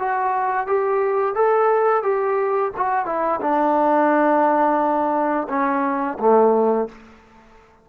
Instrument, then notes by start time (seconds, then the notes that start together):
trombone
0.00 F#4
0.67 G4
1.35 A4
2.03 G4
2.77 F#4
3.06 E4
3.41 D4
5.50 C#4
6.20 A3